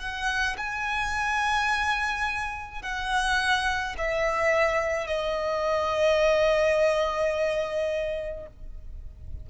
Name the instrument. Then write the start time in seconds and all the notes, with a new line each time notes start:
violin
0.00 F#5
0.58 G#5
2.83 F#5
3.98 E5
5.07 D#5